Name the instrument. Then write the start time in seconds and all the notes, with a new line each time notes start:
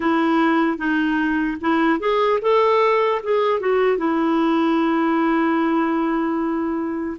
clarinet
0.00 E4
0.77 D#4
1.60 E4
1.99 G#4
2.41 A4
3.23 G#4
3.60 F#4
3.97 E4